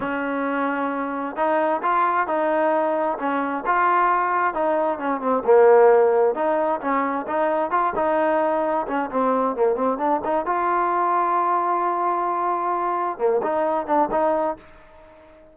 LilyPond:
\new Staff \with { instrumentName = "trombone" } { \time 4/4 \tempo 4 = 132 cis'2. dis'4 | f'4 dis'2 cis'4 | f'2 dis'4 cis'8 c'8 | ais2 dis'4 cis'4 |
dis'4 f'8 dis'2 cis'8 | c'4 ais8 c'8 d'8 dis'8 f'4~ | f'1~ | f'4 ais8 dis'4 d'8 dis'4 | }